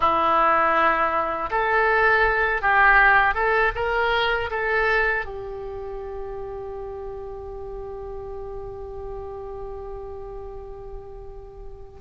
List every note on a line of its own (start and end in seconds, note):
0.00 1.50 E4
1.50 2.61 A4
2.61 3.34 G4
3.34 3.71 A4
3.75 4.50 A#4
4.50 5.25 A4
5.25 12.00 G4